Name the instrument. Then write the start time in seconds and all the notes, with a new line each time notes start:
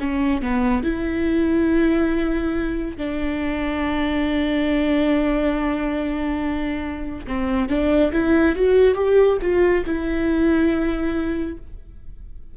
viola
0.00 C#4
0.42 B3
0.83 E4
2.97 D4
7.28 C4
7.69 D4
8.13 E4
8.56 F#4
8.95 G4
9.42 F4
9.86 E4